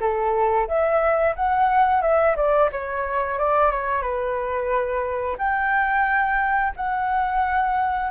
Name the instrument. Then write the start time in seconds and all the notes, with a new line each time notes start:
flute
0.00 A4
0.68 E5
1.35 F#5
2.02 E5
2.36 D5
2.72 C#5
3.39 D5
3.71 C#5
4.02 B4
5.38 G5
6.76 F#5